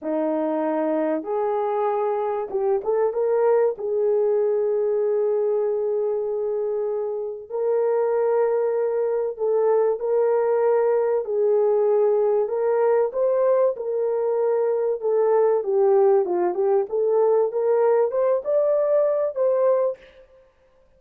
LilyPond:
\new Staff \with { instrumentName = "horn" } { \time 4/4 \tempo 4 = 96 dis'2 gis'2 | g'8 a'8 ais'4 gis'2~ | gis'1 | ais'2. a'4 |
ais'2 gis'2 | ais'4 c''4 ais'2 | a'4 g'4 f'8 g'8 a'4 | ais'4 c''8 d''4. c''4 | }